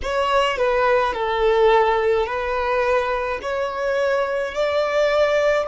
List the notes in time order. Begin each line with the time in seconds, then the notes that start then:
0.02 C#5
0.57 B4
1.13 A4
2.26 B4
3.42 C#5
4.54 D5